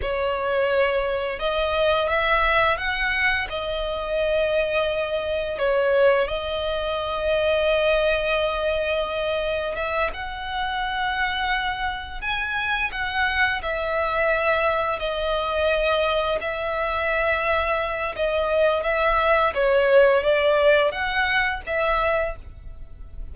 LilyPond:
\new Staff \with { instrumentName = "violin" } { \time 4/4 \tempo 4 = 86 cis''2 dis''4 e''4 | fis''4 dis''2. | cis''4 dis''2.~ | dis''2 e''8 fis''4.~ |
fis''4. gis''4 fis''4 e''8~ | e''4. dis''2 e''8~ | e''2 dis''4 e''4 | cis''4 d''4 fis''4 e''4 | }